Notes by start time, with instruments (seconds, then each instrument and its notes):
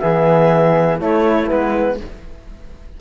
0.00 cello E3, trombone B3, flute G#4, clarinet E5
0.99 trombone A3, cello A3, flute E4, clarinet C#5
1.48 cello G#3, trombone B3, clarinet B4